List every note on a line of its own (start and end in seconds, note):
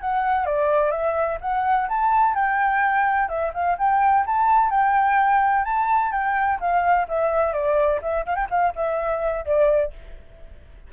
0.00 0.46 F#5
0.46 0.91 D5
0.91 1.38 E5
1.40 1.88 F#5
1.88 2.34 A5
2.34 3.28 G5
3.28 3.52 E5
3.53 3.77 F5
3.78 4.25 G5
4.26 4.70 A5
4.70 5.64 G5
5.64 6.12 A5
6.12 6.59 G5
6.60 7.07 F5
7.08 7.52 E5
7.52 8.00 D5
8.01 8.25 E5
8.25 8.35 F5
8.35 8.47 G5
8.50 8.73 F5
8.75 9.45 E5
9.45 9.92 D5